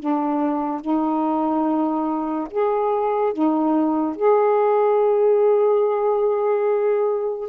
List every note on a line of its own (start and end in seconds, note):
0.00 0.82 D4
0.82 2.48 D#4
2.51 3.34 G#4
3.34 4.17 D#4
4.17 7.50 G#4